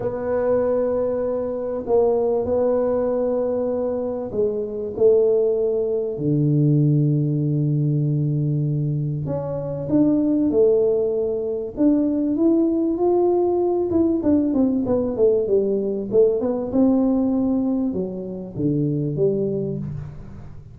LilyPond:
\new Staff \with { instrumentName = "tuba" } { \time 4/4 \tempo 4 = 97 b2. ais4 | b2. gis4 | a2 d2~ | d2. cis'4 |
d'4 a2 d'4 | e'4 f'4. e'8 d'8 c'8 | b8 a8 g4 a8 b8 c'4~ | c'4 fis4 d4 g4 | }